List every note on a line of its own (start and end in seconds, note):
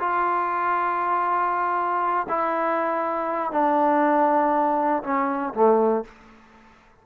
0.00 2.27 F4
2.29 3.52 E4
3.52 5.03 D4
5.03 5.54 C#4
5.54 6.05 A3